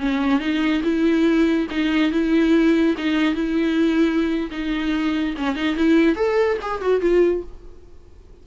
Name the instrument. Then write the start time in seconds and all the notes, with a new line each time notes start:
viola
0.00 C#4
0.40 D#4
0.84 E4
1.71 D#4
2.12 E4
2.98 D#4
3.35 E4
4.51 D#4
5.37 C#4
5.56 D#4
5.76 E4
6.16 A4
6.62 G#4
6.81 F#4
7.01 F4